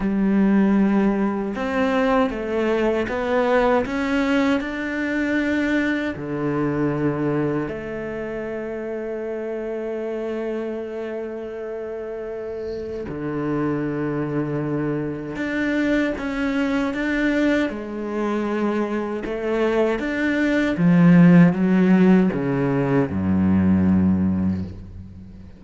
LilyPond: \new Staff \with { instrumentName = "cello" } { \time 4/4 \tempo 4 = 78 g2 c'4 a4 | b4 cis'4 d'2 | d2 a2~ | a1~ |
a4 d2. | d'4 cis'4 d'4 gis4~ | gis4 a4 d'4 f4 | fis4 cis4 fis,2 | }